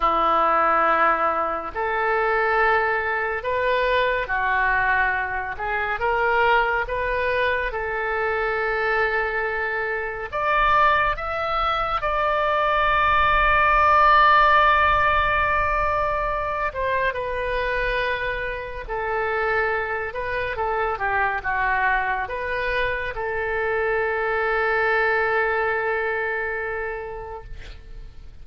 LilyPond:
\new Staff \with { instrumentName = "oboe" } { \time 4/4 \tempo 4 = 70 e'2 a'2 | b'4 fis'4. gis'8 ais'4 | b'4 a'2. | d''4 e''4 d''2~ |
d''2.~ d''8 c''8 | b'2 a'4. b'8 | a'8 g'8 fis'4 b'4 a'4~ | a'1 | }